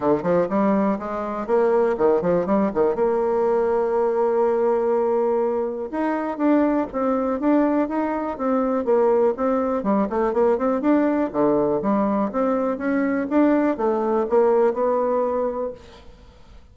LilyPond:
\new Staff \with { instrumentName = "bassoon" } { \time 4/4 \tempo 4 = 122 dis8 f8 g4 gis4 ais4 | dis8 f8 g8 dis8 ais2~ | ais1 | dis'4 d'4 c'4 d'4 |
dis'4 c'4 ais4 c'4 | g8 a8 ais8 c'8 d'4 d4 | g4 c'4 cis'4 d'4 | a4 ais4 b2 | }